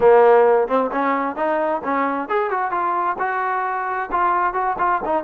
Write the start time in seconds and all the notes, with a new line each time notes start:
0.00 A#3
0.67 C4
0.91 C#4
1.36 D#4
1.84 C#4
2.29 G#4
2.50 F#4
2.71 F4
3.18 F#4
4.11 F4
4.53 F#4
4.78 F4
5.04 D#4